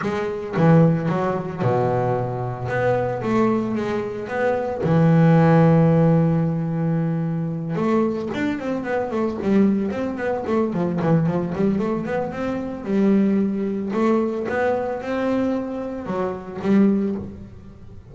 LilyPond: \new Staff \with { instrumentName = "double bass" } { \time 4/4 \tempo 4 = 112 gis4 e4 fis4 b,4~ | b,4 b4 a4 gis4 | b4 e2.~ | e2~ e8 a4 d'8 |
c'8 b8 a8 g4 c'8 b8 a8 | f8 e8 f8 g8 a8 b8 c'4 | g2 a4 b4 | c'2 fis4 g4 | }